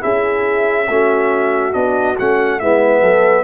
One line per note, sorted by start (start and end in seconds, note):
0.00 0.88 C#4
0.00 0.86 E4
0.00 0.89 G#4
0.00 1.73 E5
0.88 1.74 A3
0.88 1.72 C#4
0.88 2.62 F#4
1.72 2.18 B3
1.72 2.15 D4
1.72 2.16 D#5
2.19 2.61 A3
2.19 2.61 C#4
2.19 2.59 F#5
2.59 3.02 G#3
2.59 3.44 B3
2.59 3.02 E4
2.59 3.44 E5
3.02 3.44 F#3
3.02 3.44 A4